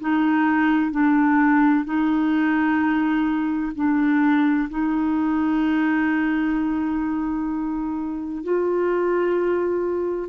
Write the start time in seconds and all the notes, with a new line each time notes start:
0.00 D#4
0.91 D4
1.85 D#4
3.75 D4
4.70 D#4
8.43 F4